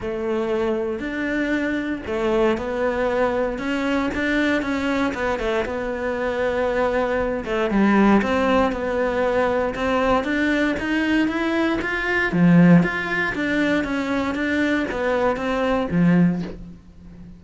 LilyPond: \new Staff \with { instrumentName = "cello" } { \time 4/4 \tempo 4 = 117 a2 d'2 | a4 b2 cis'4 | d'4 cis'4 b8 a8 b4~ | b2~ b8 a8 g4 |
c'4 b2 c'4 | d'4 dis'4 e'4 f'4 | f4 f'4 d'4 cis'4 | d'4 b4 c'4 f4 | }